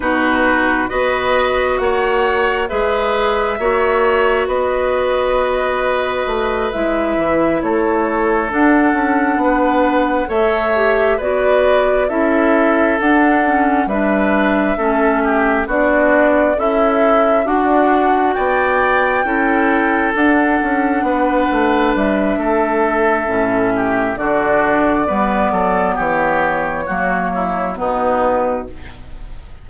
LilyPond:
<<
  \new Staff \with { instrumentName = "flute" } { \time 4/4 \tempo 4 = 67 b'4 dis''4 fis''4 e''4~ | e''4 dis''2~ dis''8 e''8~ | e''8 cis''4 fis''2 e''8~ | e''8 d''4 e''4 fis''4 e''8~ |
e''4. d''4 e''4 fis''8~ | fis''8 g''2 fis''4.~ | fis''8 e''2~ e''8 d''4~ | d''4 cis''2 b'4 | }
  \new Staff \with { instrumentName = "oboe" } { \time 4/4 fis'4 b'4 cis''4 b'4 | cis''4 b'2.~ | b'8 a'2 b'4 cis''8~ | cis''8 b'4 a'2 b'8~ |
b'8 a'8 g'8 fis'4 e'4 d'8~ | d'8 d''4 a'2 b'8~ | b'4 a'4. g'8 fis'4 | b'8 a'8 g'4 fis'8 e'8 dis'4 | }
  \new Staff \with { instrumentName = "clarinet" } { \time 4/4 dis'4 fis'2 gis'4 | fis'2.~ fis'8 e'8~ | e'4. d'2 a'8 | g'8 fis'4 e'4 d'8 cis'8 d'8~ |
d'8 cis'4 d'4 a'4 fis'8~ | fis'4. e'4 d'4.~ | d'2 cis'4 d'4 | b2 ais4 b4 | }
  \new Staff \with { instrumentName = "bassoon" } { \time 4/4 b,4 b4 ais4 gis4 | ais4 b2 a8 gis8 | e8 a4 d'8 cis'8 b4 a8~ | a8 b4 cis'4 d'4 g8~ |
g8 a4 b4 cis'4 d'8~ | d'8 b4 cis'4 d'8 cis'8 b8 | a8 g8 a4 a,4 d4 | g8 fis8 e4 fis4 b,4 | }
>>